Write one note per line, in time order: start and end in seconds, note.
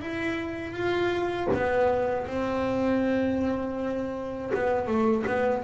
0.00 0.73 E4
0.73 1.48 F4
1.54 2.27 B3
2.27 4.52 C4
4.54 4.87 B3
4.87 5.24 A3
5.26 5.64 B3